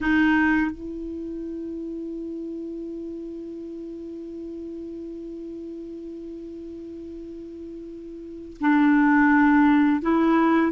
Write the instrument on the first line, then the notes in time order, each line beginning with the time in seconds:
clarinet
0.01 D#4
0.71 E4
8.60 D4
10.02 E4